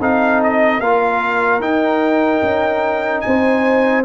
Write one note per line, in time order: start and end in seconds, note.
0.00 0.80 C4
0.00 0.82 D#4
0.00 0.81 A4
0.00 0.43 F5
0.44 0.81 D#5
0.80 1.60 A#3
0.80 1.61 F4
0.80 3.24 A#4
0.80 1.62 F5
1.60 2.41 D#4
1.60 4.05 D#4
1.60 3.21 G5
2.43 3.24 C#4
3.21 4.05 C4
3.21 4.05 C5
3.21 4.03 G#5